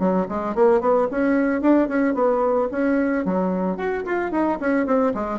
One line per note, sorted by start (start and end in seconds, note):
0.00 0.27 F#3
0.29 0.55 G#3
0.55 0.81 A#3
0.81 1.08 B3
1.12 1.62 C#4
1.62 1.89 D4
1.89 2.15 C#4
2.15 2.69 B3
2.72 3.26 C#4
3.26 3.78 F#3
3.78 4.05 F#4
4.05 4.32 F4
4.32 4.59 D#4
4.61 4.86 C#4
4.86 5.14 C4
5.15 5.40 G#3